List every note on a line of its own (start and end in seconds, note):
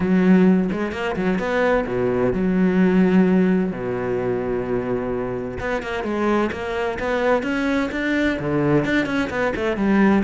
0.00 0.69 F#3
0.71 0.92 G#3
0.92 1.15 A#3
1.16 1.38 F#3
1.38 1.85 B3
1.87 2.33 B2
2.33 3.71 F#3
3.71 5.58 B2
5.60 5.82 B3
5.82 6.03 A#3
6.03 6.50 G#3
6.51 6.98 A#3
6.99 7.42 B3
7.42 7.89 C#4
7.91 8.38 D4
8.39 8.84 D3
8.84 9.05 D4
9.05 9.29 C#4
9.30 9.53 B3
9.55 9.77 A3
9.77 10.23 G3